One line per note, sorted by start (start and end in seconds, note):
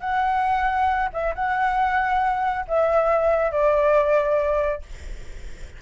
0.00 1.09 F#5
1.13 1.35 E5
1.35 2.65 F#5
2.67 3.51 E5
3.51 4.81 D5